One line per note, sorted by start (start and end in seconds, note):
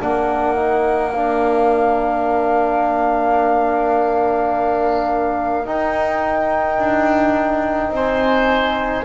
0.00 5.67 A#3
0.00 0.56 D4
0.00 7.92 A#4
0.00 1.13 F#5
0.56 1.12 D#4
1.13 5.65 D4
1.13 5.66 F5
5.65 9.04 D#4
5.65 6.78 D#4
5.65 7.93 G5
6.78 7.90 D4
7.90 9.03 C4
7.90 9.05 C5
7.90 9.05 G#5